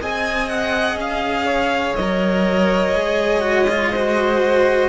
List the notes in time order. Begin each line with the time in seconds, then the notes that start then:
0.00 C4 G#4 D#5 G#5
0.49 F#5
0.96 C#4 F5
1.46 C#5
1.95 F#3 A#4 D#5
2.93 G#3 G#4
3.41 F#4
3.69 F4
3.92 F#4 C5